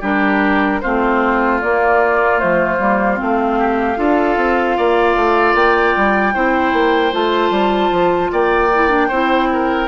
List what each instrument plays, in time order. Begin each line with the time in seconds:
0.00 bassoon G3, clarinet D4, oboe G4, flute A#4
0.81 bassoon A3, clarinet C4, oboe F4, flute C5
1.61 clarinet A#3, bassoon A#3, flute D5
2.39 bassoon F3, clarinet A3, flute C5
2.78 bassoon G3, clarinet A#3
3.17 bassoon A3, clarinet C4, flute F5
3.59 oboe G4
3.96 bassoon D4, clarinet F4, oboe A4
4.37 bassoon C4
4.77 bassoon A#3, oboe D5
5.16 bassoon A3
5.54 bassoon A#3, flute G5
5.96 bassoon G3
6.34 bassoon C4, clarinet E4, oboe C5
6.73 bassoon A#3
7.12 bassoon A3, clarinet F4, flute A5
7.50 bassoon G3
7.91 bassoon F3
8.32 bassoon A#3, oboe D5, flute G5
8.74 clarinet E4
8.89 clarinet D4
9.08 bassoon C4, clarinet E4, oboe C5
9.53 oboe A#4